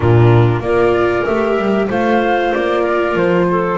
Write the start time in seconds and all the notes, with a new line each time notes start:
0.00 A#2 D4 F4 A#4
0.59 A#3 F4 A#4 D5
1.24 A3 G4 E5
1.56 G3
1.88 A3 F4 C5 F5
2.54 A#3 D5
2.82 A#4
3.15 F3 C5
3.50 A4